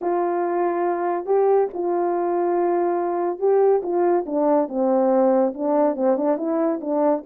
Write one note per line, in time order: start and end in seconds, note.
0.01 1.25 F4
1.25 1.68 G4
1.73 3.39 F4
3.39 3.81 G4
3.82 4.25 F4
4.26 4.68 D4
4.68 5.53 C4
5.54 5.96 D4
5.96 6.16 C4
6.16 6.37 D4
6.37 6.79 E4
6.80 7.23 D4